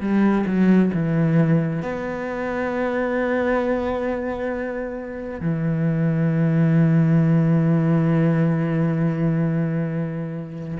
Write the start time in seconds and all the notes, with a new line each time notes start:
0.00 G3
0.47 F#3
0.94 E3
1.82 B3
5.40 E3